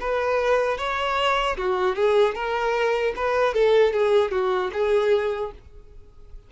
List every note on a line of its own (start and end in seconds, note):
0.00 0.78 B4
0.78 1.56 C#5
1.57 1.95 F#4
1.95 2.35 G#4
2.35 3.14 A#4
3.16 3.53 B4
3.53 3.93 A4
3.93 4.31 G#4
4.31 4.70 F#4
4.73 5.52 G#4